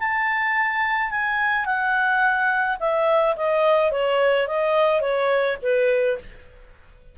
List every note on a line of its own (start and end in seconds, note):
0.00 1.11 A5
1.11 1.66 G#5
1.66 2.78 F#5
2.80 3.36 E5
3.36 3.92 D#5
3.92 4.48 C#5
4.48 5.01 D#5
5.01 5.57 C#5
5.63 6.19 B4